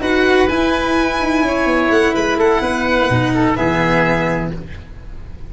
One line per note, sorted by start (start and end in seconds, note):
0.00 0.48 D#4
0.00 0.48 F#4
0.00 1.44 B4
0.00 0.49 F#5
0.49 1.20 E4
0.49 3.09 E4
0.49 1.91 G#5
1.20 1.42 D#4
1.42 1.65 C#4
1.42 2.14 C#5
1.65 1.89 B3
1.89 2.13 A3
1.89 2.15 F#5
2.14 2.36 G#3
2.14 2.37 B4
2.14 2.39 B5
2.36 2.60 A3
2.36 2.62 A4
2.36 3.56 F#5
2.61 3.09 B3
2.61 3.33 B4
3.09 3.57 B2
3.09 3.55 D#4
3.34 3.57 A4
3.55 4.53 E3
3.55 4.51 B3
3.55 4.53 G#4
3.55 4.51 E5